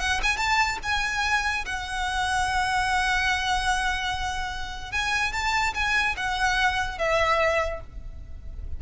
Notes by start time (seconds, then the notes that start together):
0.00 F#5
0.23 G#5
0.37 A5
0.83 G#5
1.66 F#5
4.92 G#5
5.33 A5
5.74 G#5
6.17 F#5
6.98 E5